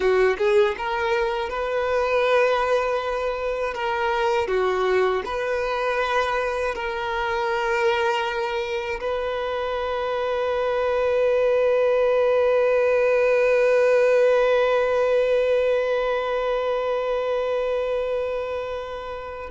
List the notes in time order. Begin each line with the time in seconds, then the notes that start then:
0.00 F#4
0.38 G#4
0.77 A#4
1.49 B4
3.74 A#4
4.47 F#4
5.25 B4
6.75 A#4
9.00 B4